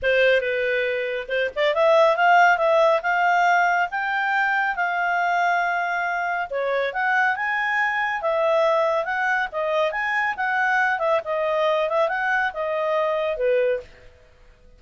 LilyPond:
\new Staff \with { instrumentName = "clarinet" } { \time 4/4 \tempo 4 = 139 c''4 b'2 c''8 d''8 | e''4 f''4 e''4 f''4~ | f''4 g''2 f''4~ | f''2. cis''4 |
fis''4 gis''2 e''4~ | e''4 fis''4 dis''4 gis''4 | fis''4. e''8 dis''4. e''8 | fis''4 dis''2 b'4 | }